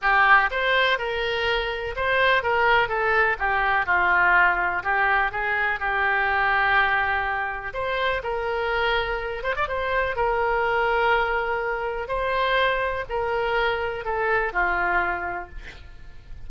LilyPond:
\new Staff \with { instrumentName = "oboe" } { \time 4/4 \tempo 4 = 124 g'4 c''4 ais'2 | c''4 ais'4 a'4 g'4 | f'2 g'4 gis'4 | g'1 |
c''4 ais'2~ ais'8 c''16 d''16 | c''4 ais'2.~ | ais'4 c''2 ais'4~ | ais'4 a'4 f'2 | }